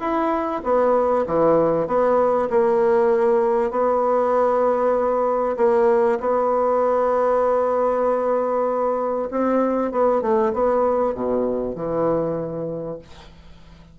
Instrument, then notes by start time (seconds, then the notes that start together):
bassoon
0.00 E4
0.64 B3
1.26 E3
1.87 B3
2.50 A#3
3.71 B3
5.57 A#3
6.20 B3
9.31 C4
9.92 B3
10.21 A3
10.53 B3
11.14 B2
11.75 E3